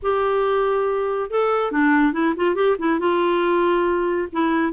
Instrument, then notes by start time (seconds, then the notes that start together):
clarinet
0.02 G4
1.30 A4
1.71 D4
2.13 E4
2.36 F4
2.55 G4
2.79 E4
2.99 F4
4.32 E4